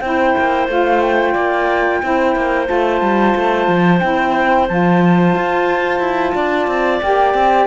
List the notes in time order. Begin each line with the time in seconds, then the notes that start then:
0.00 C4 E4 C5 G5
0.38 A#3
0.68 A3 F4 F5
1.00 G5
1.32 A#3 D5
2.02 C4 E4 C5
2.35 A#3
2.65 A3 F4 A5
3.01 G3
3.35 A3
3.67 F3
3.99 C4 E4 G5
4.68 F3 F4 A5
5.35 F4
5.99 E4
6.35 D4 D5
6.67 C4
7.01 A#3 G4 G5
7.34 C4